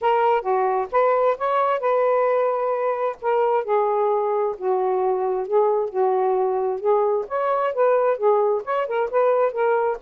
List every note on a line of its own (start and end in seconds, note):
0.01 0.41 A#4
0.41 0.87 F#4
0.91 1.37 B4
1.37 1.80 C#5
1.80 3.16 B4
3.21 3.64 A#4
3.64 4.55 G#4
4.57 5.47 F#4
5.47 5.89 G#4
5.89 6.80 F#4
6.80 7.25 G#4
7.27 7.73 C#5
7.73 8.17 B4
8.17 8.62 G#4
8.64 8.87 C#5
8.87 9.09 A#4
9.10 9.52 B4
9.52 9.97 A#4